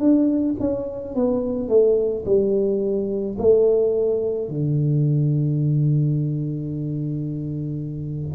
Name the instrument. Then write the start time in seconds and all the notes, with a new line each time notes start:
tuba
0.00 D4
0.60 C#4
1.15 B3
1.69 A3
2.26 G3
3.39 A3
4.49 D3